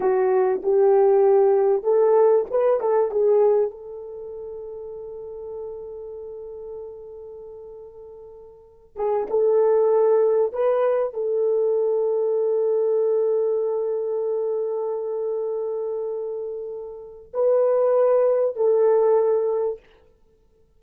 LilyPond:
\new Staff \with { instrumentName = "horn" } { \time 4/4 \tempo 4 = 97 fis'4 g'2 a'4 | b'8 a'8 gis'4 a'2~ | a'1~ | a'2~ a'8 gis'8 a'4~ |
a'4 b'4 a'2~ | a'1~ | a'1 | b'2 a'2 | }